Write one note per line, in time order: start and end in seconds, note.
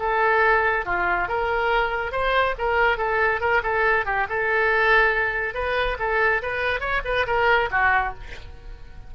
0.00 0.86 A4
0.86 1.29 F4
1.29 2.12 A#4
2.12 2.55 C5
2.59 2.98 A#4
2.98 3.41 A4
3.41 3.62 A#4
3.63 4.06 A4
4.06 4.28 G4
4.29 5.55 A4
5.55 5.98 B4
6.00 6.42 A4
6.43 6.81 B4
6.81 7.02 C#5
7.05 7.27 B4
7.27 7.70 A#4
7.71 8.14 F#4